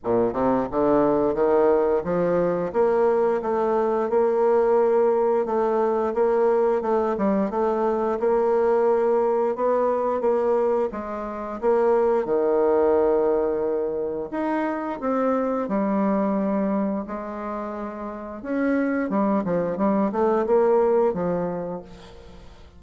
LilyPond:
\new Staff \with { instrumentName = "bassoon" } { \time 4/4 \tempo 4 = 88 ais,8 c8 d4 dis4 f4 | ais4 a4 ais2 | a4 ais4 a8 g8 a4 | ais2 b4 ais4 |
gis4 ais4 dis2~ | dis4 dis'4 c'4 g4~ | g4 gis2 cis'4 | g8 f8 g8 a8 ais4 f4 | }